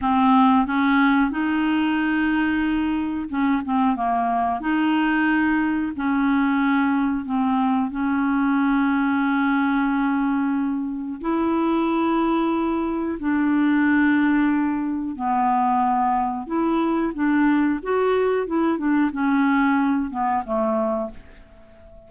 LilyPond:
\new Staff \with { instrumentName = "clarinet" } { \time 4/4 \tempo 4 = 91 c'4 cis'4 dis'2~ | dis'4 cis'8 c'8 ais4 dis'4~ | dis'4 cis'2 c'4 | cis'1~ |
cis'4 e'2. | d'2. b4~ | b4 e'4 d'4 fis'4 | e'8 d'8 cis'4. b8 a4 | }